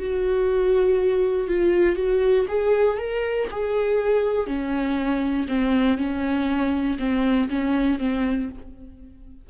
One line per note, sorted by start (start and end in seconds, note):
0.00 1.48 F#4
1.48 1.96 F4
1.96 2.46 F#4
2.48 2.98 G#4
2.98 3.48 A#4
3.51 4.47 G#4
4.47 5.47 C#4
5.48 5.98 C4
5.98 6.98 C#4
6.99 7.49 C4
7.49 7.99 C#4
7.99 8.49 C4